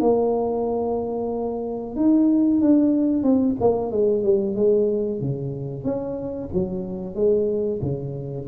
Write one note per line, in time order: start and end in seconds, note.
0.00 1.96 A#3
1.96 2.61 D#4
2.61 3.23 D4
3.23 3.55 C4
3.60 3.91 A#3
3.91 4.23 G#3
4.23 4.55 G3
4.55 5.21 G#3
5.21 5.84 C#3
5.84 6.49 C#4
6.53 7.15 F#3
7.15 7.80 G#3
7.81 8.47 C#3